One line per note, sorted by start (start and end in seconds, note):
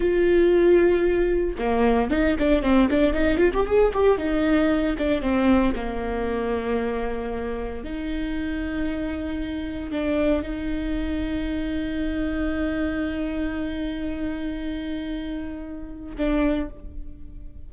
0.00 1.55 F4
1.58 2.10 A#3
2.10 2.36 D#4
2.39 2.62 D4
2.62 2.88 C4
2.90 3.13 D4
3.13 3.37 D#4
3.37 3.50 F4
3.53 3.65 G4
3.65 3.92 G#4
3.93 4.17 G4
4.17 4.96 D#4
4.98 5.21 D4
5.21 5.73 C4
5.75 7.84 A#3
7.84 9.91 D#4
9.91 10.42 D4
10.42 16.16 D#4
16.16 16.69 D4